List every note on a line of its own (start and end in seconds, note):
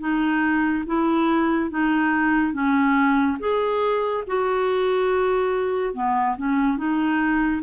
0.00 0.85 D#4
0.87 1.71 E4
1.71 2.53 D#4
2.53 3.38 C#4
3.40 4.24 G#4
4.28 5.94 F#4
5.94 6.36 B3
6.38 6.78 C#4
6.78 7.62 D#4